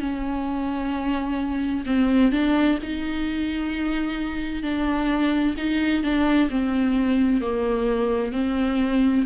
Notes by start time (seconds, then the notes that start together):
0.00 C#4
1.86 C4
2.32 D4
2.83 D#4
4.63 D4
5.58 D#4
6.03 D4
6.50 C4
7.41 A#3
8.33 C4